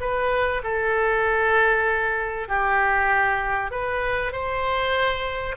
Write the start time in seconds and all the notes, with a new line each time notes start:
0.00 B4
0.63 A4
2.48 G4
3.71 B4
4.32 C5